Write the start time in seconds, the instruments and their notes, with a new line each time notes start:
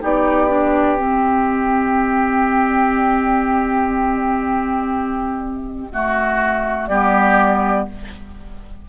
0.00 bassoon B3, clarinet D#4, oboe G4, flute D5
0.48 clarinet D4
0.97 clarinet C4, bassoon C4, flute D#5
5.92 clarinet A3, oboe F#4
6.86 bassoon G3, clarinet B3, oboe G4, flute D5